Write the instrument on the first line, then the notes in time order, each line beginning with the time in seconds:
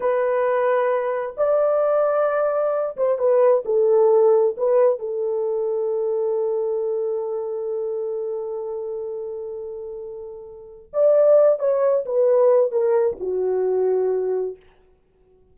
horn
0.00 B4
1.37 D5
2.96 C5
3.18 B4
3.65 A4
4.57 B4
4.99 A4
10.93 D5
11.59 C#5
12.05 B4
12.71 A#4
13.20 F#4